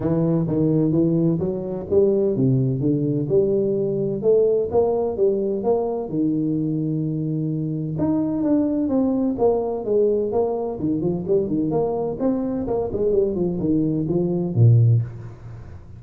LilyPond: \new Staff \with { instrumentName = "tuba" } { \time 4/4 \tempo 4 = 128 e4 dis4 e4 fis4 | g4 c4 d4 g4~ | g4 a4 ais4 g4 | ais4 dis2.~ |
dis4 dis'4 d'4 c'4 | ais4 gis4 ais4 dis8 f8 | g8 dis8 ais4 c'4 ais8 gis8 | g8 f8 dis4 f4 ais,4 | }